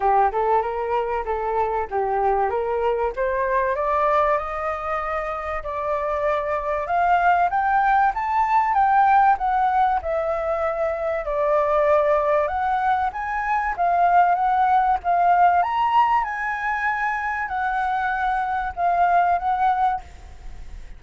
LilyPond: \new Staff \with { instrumentName = "flute" } { \time 4/4 \tempo 4 = 96 g'8 a'8 ais'4 a'4 g'4 | ais'4 c''4 d''4 dis''4~ | dis''4 d''2 f''4 | g''4 a''4 g''4 fis''4 |
e''2 d''2 | fis''4 gis''4 f''4 fis''4 | f''4 ais''4 gis''2 | fis''2 f''4 fis''4 | }